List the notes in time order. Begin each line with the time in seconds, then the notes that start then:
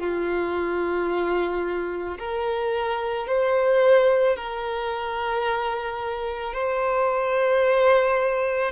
0.00 F4
2.19 A#4
3.28 C5
4.37 A#4
6.54 C5